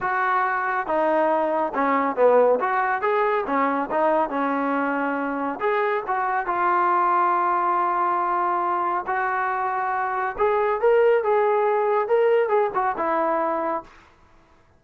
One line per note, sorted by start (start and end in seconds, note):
0.00 0.86 F#4
0.86 1.73 D#4
1.74 2.15 C#4
2.15 2.59 B3
2.60 3.01 F#4
3.01 3.44 G#4
3.46 3.89 C#4
3.90 4.29 D#4
4.29 5.59 C#4
5.59 6.03 G#4
6.07 6.46 F#4
6.46 9.05 F4
9.06 10.36 F#4
10.38 10.80 G#4
10.80 11.23 A#4
11.23 12.08 G#4
12.08 12.49 A#4
12.49 12.70 G#4
12.74 12.96 F#4
12.97 13.83 E4